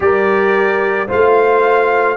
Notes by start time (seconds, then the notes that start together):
0.00 G3 G4 A#4 D5
1.07 A3 F4 C5 F5